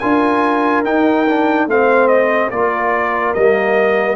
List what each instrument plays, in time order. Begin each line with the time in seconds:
0.00 tuba D4, trombone F4, horn A#4, trumpet G#5
0.85 tuba D#4, trombone D#4, trumpet G5
1.28 trombone D4
1.67 tuba A3, trombone C4, horn C5, trumpet F5
2.09 trumpet D#5
2.51 tuba A#3, trombone F4, horn A#4, trumpet D5
3.34 tuba G3, trombone A#3, trumpet D#5